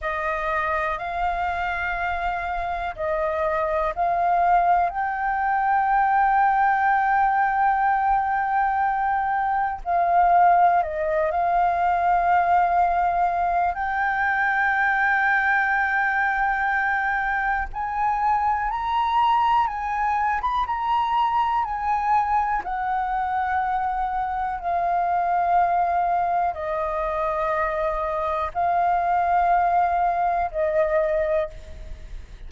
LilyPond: \new Staff \with { instrumentName = "flute" } { \time 4/4 \tempo 4 = 61 dis''4 f''2 dis''4 | f''4 g''2.~ | g''2 f''4 dis''8 f''8~ | f''2 g''2~ |
g''2 gis''4 ais''4 | gis''8. b''16 ais''4 gis''4 fis''4~ | fis''4 f''2 dis''4~ | dis''4 f''2 dis''4 | }